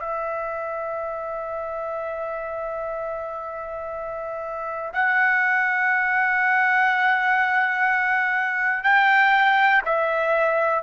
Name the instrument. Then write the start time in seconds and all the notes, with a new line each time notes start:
trumpet
0.00 E5
4.93 F#5
8.83 G5
9.85 E5